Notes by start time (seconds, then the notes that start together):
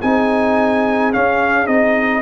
0.00 C4 D#4 G#4 G#5
1.13 C#4 F5
1.66 C4 D#4 D#5